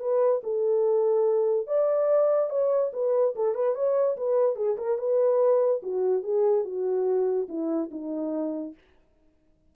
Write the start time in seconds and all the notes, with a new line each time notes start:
0.00 B4
0.44 A4
1.67 D5
2.50 C#5
2.93 B4
3.35 A4
3.55 B4
3.75 C#5
4.17 B4
4.56 G#4
4.77 A#4
4.98 B4
5.83 F#4
6.23 G#4
6.65 F#4
7.49 E4
7.91 D#4